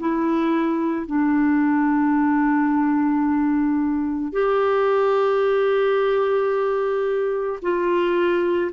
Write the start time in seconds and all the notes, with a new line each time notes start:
0.00 E4
1.07 D4
4.33 G4
7.62 F4